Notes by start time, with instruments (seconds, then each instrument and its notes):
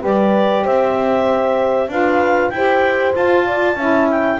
0.00 double bass G3, saxophone G4, horn B4, clarinet D5
0.63 double bass C4, horn C5, clarinet E5
1.88 double bass D4, saxophone F4, horn B4, clarinet F5
2.49 double bass E4, saxophone G4, horn C5, clarinet G5
3.13 saxophone F4, double bass F4, clarinet A5
3.46 horn D5
3.75 double bass C#4, saxophone E4, horn E5
4.10 clarinet G5